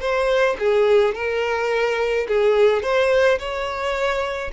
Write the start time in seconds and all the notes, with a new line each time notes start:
0.00 C5
0.59 G#4
1.14 A#4
2.28 G#4
2.83 C5
3.39 C#5